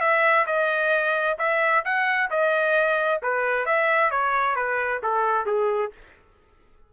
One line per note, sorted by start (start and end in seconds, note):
0.00 0.45 E5
0.46 1.37 D#5
1.38 1.83 E5
1.84 2.30 F#5
2.30 3.21 D#5
3.22 3.65 B4
3.65 4.10 E5
4.10 4.55 C#5
4.55 5.00 B4
5.02 5.46 A4
5.46 5.91 G#4